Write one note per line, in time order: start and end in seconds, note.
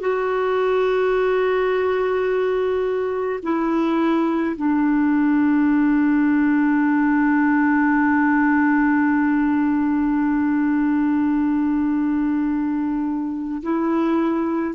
0.00 3.40 F#4
3.43 4.56 E4
4.56 13.62 D4
13.63 14.75 E4